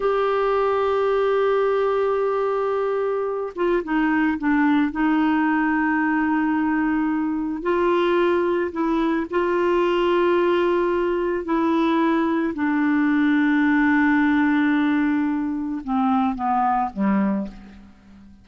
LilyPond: \new Staff \with { instrumentName = "clarinet" } { \time 4/4 \tempo 4 = 110 g'1~ | g'2~ g'8 f'8 dis'4 | d'4 dis'2.~ | dis'2 f'2 |
e'4 f'2.~ | f'4 e'2 d'4~ | d'1~ | d'4 c'4 b4 g4 | }